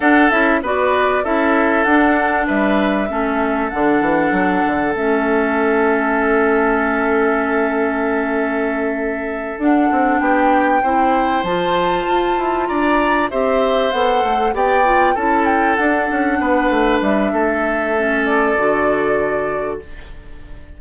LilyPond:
<<
  \new Staff \with { instrumentName = "flute" } { \time 4/4 \tempo 4 = 97 fis''8 e''8 d''4 e''4 fis''4 | e''2 fis''2 | e''1~ | e''2.~ e''8 fis''8~ |
fis''8 g''2 a''4.~ | a''8 ais''4 e''4 fis''4 g''8~ | g''8 a''8 g''8 fis''2 e''8~ | e''4. d''2~ d''8 | }
  \new Staff \with { instrumentName = "oboe" } { \time 4/4 a'4 b'4 a'2 | b'4 a'2.~ | a'1~ | a'1~ |
a'8 g'4 c''2~ c''8~ | c''8 d''4 c''2 d''8~ | d''8 a'2 b'4. | a'1 | }
  \new Staff \with { instrumentName = "clarinet" } { \time 4/4 d'8 e'8 fis'4 e'4 d'4~ | d'4 cis'4 d'2 | cis'1~ | cis'2.~ cis'8 d'8~ |
d'4. e'4 f'4.~ | f'4. g'4 a'4 g'8 | f'8 e'4 d'2~ d'8~ | d'4 cis'4 fis'2 | }
  \new Staff \with { instrumentName = "bassoon" } { \time 4/4 d'8 cis'8 b4 cis'4 d'4 | g4 a4 d8 e8 fis8 d8 | a1~ | a2.~ a8 d'8 |
c'8 b4 c'4 f4 f'8 | e'8 d'4 c'4 b8 a8 b8~ | b8 cis'4 d'8 cis'8 b8 a8 g8 | a2 d2 | }
>>